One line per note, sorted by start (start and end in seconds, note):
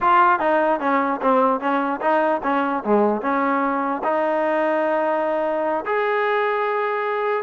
0.00 0.39 F4
0.39 0.80 D#4
0.80 1.20 C#4
1.21 1.60 C4
1.60 2.00 C#4
2.00 2.41 D#4
2.43 2.83 C#4
2.84 3.21 G#3
3.21 4.02 C#4
4.03 5.84 D#4
5.85 7.43 G#4